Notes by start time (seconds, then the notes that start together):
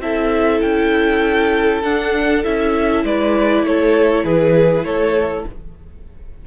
0.00 C4 E4 A4 E5
0.61 C#4 G5
1.82 D4 F#5
2.44 C#4 E4 E5
3.03 G#3 B4 D5
3.63 A3 A4 C#5
4.24 E3 G#4 B4
4.83 A3 A4 C#5